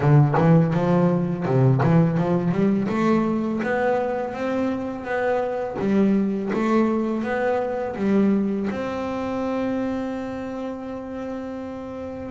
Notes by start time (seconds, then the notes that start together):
0.00 D3
0.37 E3
0.73 F3
1.45 C3
1.83 E3
2.17 F3
2.51 G3
2.88 A3
3.63 B3
4.33 C4
5.04 B3
5.79 G3
6.53 A3
7.23 B3
7.96 G3
8.70 C4